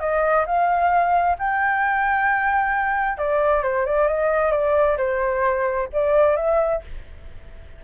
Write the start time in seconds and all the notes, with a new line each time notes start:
0.00 D#5
0.46 F5
1.39 G5
3.18 D5
3.63 C5
3.86 D5
4.08 D#5
4.52 D5
4.98 C5
5.93 D5
6.37 E5